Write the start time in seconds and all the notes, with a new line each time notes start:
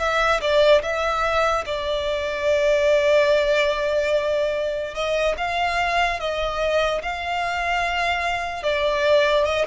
0.00 E5
0.41 D5
0.83 E5
1.66 D5
4.95 D#5
5.38 F5
6.20 D#5
7.03 F5
8.63 D5
9.45 D#5